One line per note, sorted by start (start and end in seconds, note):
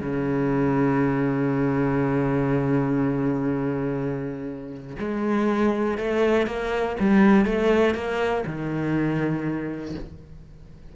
0.00 4.96 C#3
4.98 5.97 G#3
5.97 6.46 A3
6.46 6.96 A#3
6.99 7.45 G3
7.45 7.94 A3
7.94 8.44 A#3
8.46 9.95 D#3